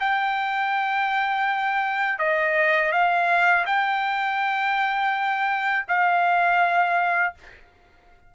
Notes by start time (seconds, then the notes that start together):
0.00 G5
2.19 D#5
2.92 F5
3.66 G5
5.88 F5